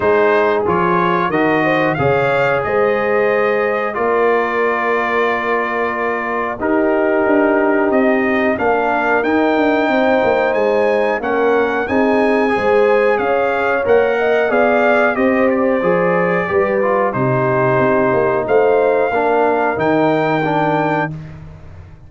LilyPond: <<
  \new Staff \with { instrumentName = "trumpet" } { \time 4/4 \tempo 4 = 91 c''4 cis''4 dis''4 f''4 | dis''2 d''2~ | d''2 ais'2 | dis''4 f''4 g''2 |
gis''4 fis''4 gis''2 | f''4 fis''4 f''4 dis''8 d''8~ | d''2 c''2 | f''2 g''2 | }
  \new Staff \with { instrumentName = "horn" } { \time 4/4 gis'2 ais'8 c''8 cis''4 | c''2 ais'2~ | ais'2 g'2~ | g'4 ais'2 c''4~ |
c''4 ais'4 gis'4 c''4 | cis''4. dis''8 d''4 c''4~ | c''4 b'4 g'2 | c''4 ais'2. | }
  \new Staff \with { instrumentName = "trombone" } { \time 4/4 dis'4 f'4 fis'4 gis'4~ | gis'2 f'2~ | f'2 dis'2~ | dis'4 d'4 dis'2~ |
dis'4 cis'4 dis'4 gis'4~ | gis'4 ais'4 gis'4 g'4 | gis'4 g'8 f'8 dis'2~ | dis'4 d'4 dis'4 d'4 | }
  \new Staff \with { instrumentName = "tuba" } { \time 4/4 gis4 f4 dis4 cis4 | gis2 ais2~ | ais2 dis'4 d'4 | c'4 ais4 dis'8 d'8 c'8 ais8 |
gis4 ais4 c'4 gis4 | cis'4 ais4 b4 c'4 | f4 g4 c4 c'8 ais8 | a4 ais4 dis2 | }
>>